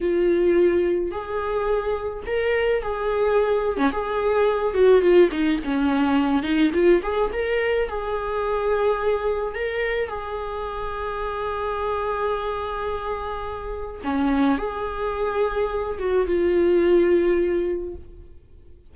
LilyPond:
\new Staff \with { instrumentName = "viola" } { \time 4/4 \tempo 4 = 107 f'2 gis'2 | ais'4 gis'4.~ gis'16 cis'16 gis'4~ | gis'8 fis'8 f'8 dis'8 cis'4. dis'8 | f'8 gis'8 ais'4 gis'2~ |
gis'4 ais'4 gis'2~ | gis'1~ | gis'4 cis'4 gis'2~ | gis'8 fis'8 f'2. | }